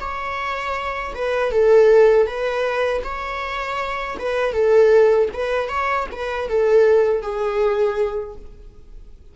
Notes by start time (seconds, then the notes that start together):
0.00 C#5
1.14 B4
1.52 A4
2.27 B4
3.04 C#5
4.19 B4
4.53 A4
5.33 B4
5.69 C#5
6.12 B4
6.49 A4
7.22 G#4